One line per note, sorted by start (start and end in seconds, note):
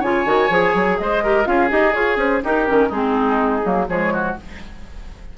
0.00 0.25 C#3
0.00 0.25 F4
0.00 0.97 C#5
0.00 0.98 G#5
0.25 0.50 D#3
0.25 0.49 F#4
0.50 0.74 F3
0.50 1.22 G#4
0.74 0.98 F#3
0.98 1.47 G#3
0.98 1.23 C5
0.98 1.46 D#5
1.23 1.45 G4
1.23 1.47 A#4
1.45 1.71 C#4
1.45 1.69 F4
1.45 2.44 G#4
1.45 1.70 F5
1.70 1.95 D#4
1.70 1.93 G4
1.70 1.94 D#5
1.93 2.16 F4
1.93 2.42 G#4
1.93 2.18 C#5
2.16 2.41 C#4
2.16 2.43 C5
2.42 2.66 D#4
2.42 2.69 D#4
2.42 2.89 G4
2.42 2.92 A#4
2.66 2.90 D#3
2.66 2.90 C#4
2.89 3.63 G#3
2.89 3.63 C4
2.89 3.85 D#4
2.89 3.88 G#4
3.63 3.88 F#3
3.63 3.87 A#3
3.88 4.36 F3
3.88 4.37 G#3
3.88 4.13 G#4
3.88 4.36 C#5
4.13 4.38 F#4